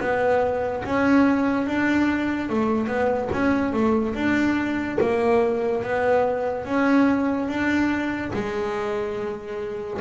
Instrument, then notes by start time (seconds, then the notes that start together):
double bass
0.00 B3
0.84 C#4
1.67 D4
2.49 A3
2.87 B3
3.32 C#4
3.73 A3
4.15 D4
5.01 A#3
5.83 B3
6.65 C#4
7.48 D4
8.33 G#3